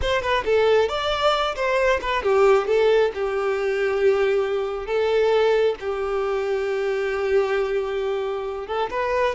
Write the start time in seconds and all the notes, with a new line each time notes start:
0.01 C5
0.21 B4
0.45 A4
0.88 D5
1.55 C5
2.01 B4
2.22 G4
2.67 A4
3.14 G4
4.86 A4
5.80 G4
8.67 A4
8.90 B4